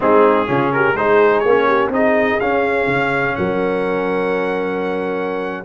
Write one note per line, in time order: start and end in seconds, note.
0.00 0.48 G#3
0.00 0.46 C4
0.00 0.48 D#4
0.00 0.72 G#4
0.47 0.95 C#3
0.47 0.95 C#4
0.47 0.73 F4
0.72 0.95 G4
0.72 0.96 A#4
0.95 1.43 G#3
0.95 1.45 D#4
0.95 1.67 G#4
0.95 1.39 C5
1.39 1.88 A#3
1.39 1.87 C#5
1.48 1.92 C#4
1.67 1.91 G4
1.88 2.36 C4
1.88 2.40 D#4
1.88 3.37 G#4
1.88 2.40 D#5
2.40 2.87 C#4
2.40 5.64 C#4
2.40 3.35 F5
2.87 3.35 C#3
3.35 5.64 F#3
3.35 5.64 A#4
3.35 5.63 F#5